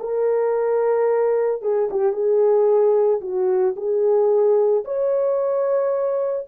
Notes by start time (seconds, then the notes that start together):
0.00 A#4
1.62 G#4
1.91 G4
2.13 G#4
3.21 F#4
3.76 G#4
4.85 C#5